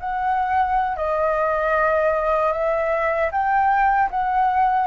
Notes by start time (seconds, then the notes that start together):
0.00 F#5
0.97 D#5
2.53 E5
3.32 G5
4.11 F#5